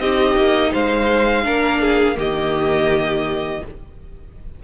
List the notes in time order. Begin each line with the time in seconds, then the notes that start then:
0.00 C4 D#4 G4 D#5
0.36 A#3
0.71 G#3 C5 F5
1.44 A#3 D4 A#4
1.81 G#4
2.15 D#3 A#3 G4 D#5